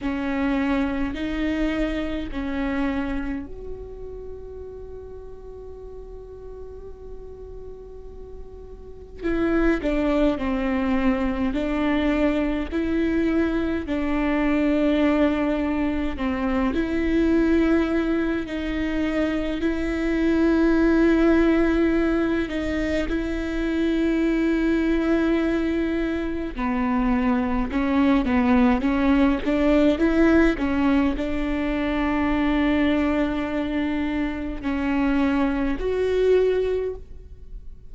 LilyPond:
\new Staff \with { instrumentName = "viola" } { \time 4/4 \tempo 4 = 52 cis'4 dis'4 cis'4 fis'4~ | fis'1 | e'8 d'8 c'4 d'4 e'4 | d'2 c'8 e'4. |
dis'4 e'2~ e'8 dis'8 | e'2. b4 | cis'8 b8 cis'8 d'8 e'8 cis'8 d'4~ | d'2 cis'4 fis'4 | }